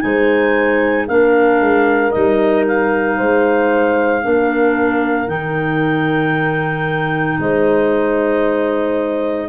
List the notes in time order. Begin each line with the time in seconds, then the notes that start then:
0.00 G#3 D#4 C5 G#5
1.07 A#3 D4 A#4 F5
1.60 G#3
2.11 G3 D#4 D#5
2.67 F5
3.17 G#3 C5
4.22 A#3 D4 A#4
5.27 D#3 D#4 G5
7.39 G#3 C5 D#5